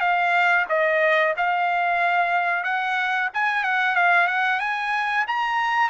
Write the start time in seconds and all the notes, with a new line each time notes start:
0.00 F5
0.69 D#5
1.37 F5
2.64 F#5
3.33 G#5
3.64 F#5
3.95 F5
4.27 F#5
4.59 G#5
5.27 A#5